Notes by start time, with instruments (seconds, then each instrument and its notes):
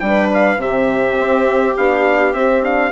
0.00 bassoon G3, horn D4, trumpet G5
0.06 viola B4
0.34 trumpet F5
0.58 bassoon C3, horn C4, viola G4, trumpet E5
1.19 bassoon C4
1.77 bassoon B3, horn D4, trumpet F5
2.34 bassoon C4, horn C4, trumpet E5
2.63 horn D4, trumpet F5